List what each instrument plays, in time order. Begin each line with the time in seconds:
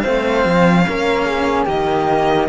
0.00 cello C4, flute C5, violin F5
0.06 cello A3
0.45 cello F3
0.87 cello A#3 C#4, flute A#4
1.26 flute G#4
1.65 cello D#3 A#3, flute G4, violin D#5